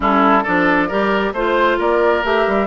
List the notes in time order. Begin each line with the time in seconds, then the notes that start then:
0.00 G3 C#4 E4 A4
0.43 F3 D4 A4 D5
0.87 G3 G4 A#4
1.33 A3 F4 C5
1.78 A#3 A#4 D5
2.23 A3 G4 E5
2.47 G3